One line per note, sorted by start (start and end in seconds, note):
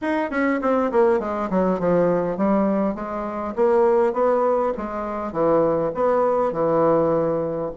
0.01 0.30 D#4
0.30 0.59 C#4
0.61 0.91 C4
0.91 1.19 A#3
1.19 1.49 G#3
1.50 1.79 F#3
1.79 2.37 F3
2.37 2.94 G3
2.94 3.54 G#3
3.55 4.13 A#3
4.13 4.72 B3
4.77 5.32 G#3
5.32 5.91 E3
5.94 6.52 B3
6.52 7.71 E3